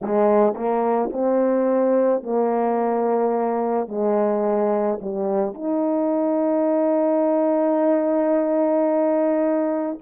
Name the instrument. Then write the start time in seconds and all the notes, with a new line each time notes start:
horn
0.01 G#3
0.54 A#3
1.12 C4
2.22 A#3
3.88 G#3
5.01 G3
5.54 D#4